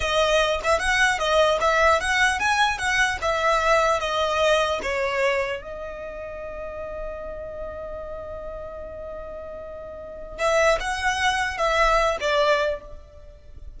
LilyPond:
\new Staff \with { instrumentName = "violin" } { \time 4/4 \tempo 4 = 150 dis''4. e''8 fis''4 dis''4 | e''4 fis''4 gis''4 fis''4 | e''2 dis''2 | cis''2 dis''2~ |
dis''1~ | dis''1~ | dis''2 e''4 fis''4~ | fis''4 e''4. d''4. | }